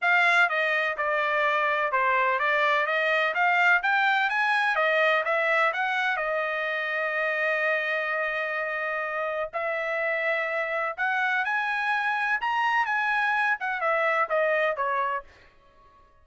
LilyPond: \new Staff \with { instrumentName = "trumpet" } { \time 4/4 \tempo 4 = 126 f''4 dis''4 d''2 | c''4 d''4 dis''4 f''4 | g''4 gis''4 dis''4 e''4 | fis''4 dis''2.~ |
dis''1 | e''2. fis''4 | gis''2 ais''4 gis''4~ | gis''8 fis''8 e''4 dis''4 cis''4 | }